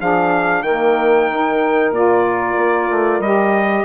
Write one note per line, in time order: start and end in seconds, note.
0.00 0.63 F3
0.00 0.65 D4
0.00 0.63 G#4
0.00 0.63 F5
0.63 1.91 D#3
0.63 1.31 A#3
0.63 3.85 A#4
0.63 1.92 G5
1.31 1.95 D#4
1.91 2.55 A#2
1.91 3.23 F4
1.91 3.22 D5
2.57 2.89 A#3
2.91 3.19 A3
3.19 3.84 G3
3.19 3.85 G4
3.19 3.85 D#5